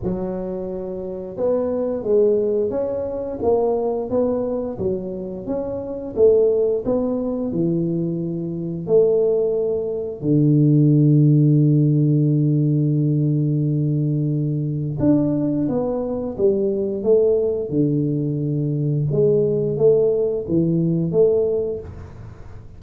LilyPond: \new Staff \with { instrumentName = "tuba" } { \time 4/4 \tempo 4 = 88 fis2 b4 gis4 | cis'4 ais4 b4 fis4 | cis'4 a4 b4 e4~ | e4 a2 d4~ |
d1~ | d2 d'4 b4 | g4 a4 d2 | gis4 a4 e4 a4 | }